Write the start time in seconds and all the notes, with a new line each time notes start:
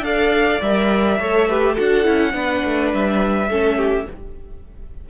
0.00 D4 A4 D5 F5
0.62 G3 A#4 E5
1.20 A3 A4 C#5
1.49 G4 B4
1.73 F#4 A4 F#5
1.80 D4
2.04 C#4 E4
2.33 B3 D4 B4
2.65 A3
2.93 G3 E5
3.49 A3 C#4 A4
3.77 G4